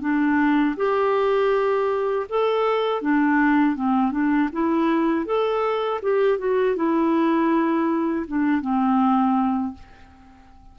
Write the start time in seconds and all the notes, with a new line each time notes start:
0.00 D4
0.76 G4
2.29 A4
3.01 D4
3.75 C4
4.11 D4
4.52 E4
5.25 A4
6.02 G4
6.38 F#4
6.76 E4
8.27 D4
8.61 C4